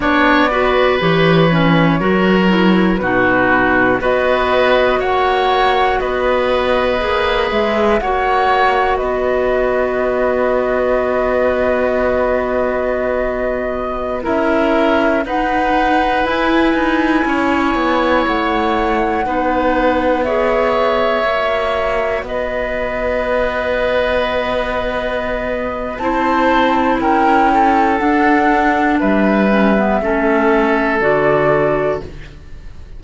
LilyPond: <<
  \new Staff \with { instrumentName = "flute" } { \time 4/4 \tempo 4 = 60 d''4 cis''2 b'4 | dis''4 fis''4 dis''4. e''8 | fis''4 dis''2.~ | dis''2~ dis''16 e''4 fis''8.~ |
fis''16 gis''2 fis''4.~ fis''16~ | fis''16 e''2 dis''4.~ dis''16~ | dis''2 a''4 g''4 | fis''4 e''2 d''4 | }
  \new Staff \with { instrumentName = "oboe" } { \time 4/4 cis''8 b'4. ais'4 fis'4 | b'4 cis''4 b'2 | cis''4 b'2.~ | b'2~ b'16 ais'4 b'8.~ |
b'4~ b'16 cis''2 b'8.~ | b'16 cis''2 b'4.~ b'16~ | b'2 c''4 ais'8 a'8~ | a'4 b'4 a'2 | }
  \new Staff \with { instrumentName = "clarinet" } { \time 4/4 d'8 fis'8 g'8 cis'8 fis'8 e'8 dis'4 | fis'2. gis'4 | fis'1~ | fis'2~ fis'16 e'4 dis'8.~ |
dis'16 e'2. dis'8.~ | dis'16 gis'4 fis'2~ fis'8.~ | fis'2 e'2 | d'4. cis'16 b16 cis'4 fis'4 | }
  \new Staff \with { instrumentName = "cello" } { \time 4/4 b4 e4 fis4 b,4 | b4 ais4 b4 ais8 gis8 | ais4 b2.~ | b2~ b16 cis'4 dis'8.~ |
dis'16 e'8 dis'8 cis'8 b8 a4 b8.~ | b4~ b16 ais4 b4.~ b16~ | b2 c'4 cis'4 | d'4 g4 a4 d4 | }
>>